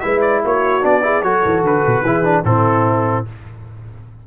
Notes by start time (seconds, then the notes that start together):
0.00 G#3 E4 B4 E5
0.21 D5
0.43 A#3 F#4 C#5
0.82 B3 D4 D5
1.02 E4 G#4
1.22 F#3 F#4 A4 C#5
1.45 E3
1.63 D3 B4
1.87 B2
2.02 E3 E4 G#4
2.24 D4
2.44 A2 C4 E4 A4